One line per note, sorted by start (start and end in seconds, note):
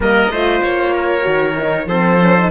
0.00 0.28 G3
0.00 0.32 A#3
0.00 0.31 A#4
0.00 0.62 D#5
0.28 0.59 A3
0.28 1.21 F4
0.28 0.93 C5
0.62 1.26 A#3
0.62 1.88 C#5
0.93 1.87 A#4
1.21 1.86 D#3
1.21 1.53 F#4
1.57 1.88 D#4
1.86 2.49 F3
1.86 2.20 C4
1.86 2.50 A4
1.86 2.50 C5
2.20 2.35 C#4
2.36 2.50 D#4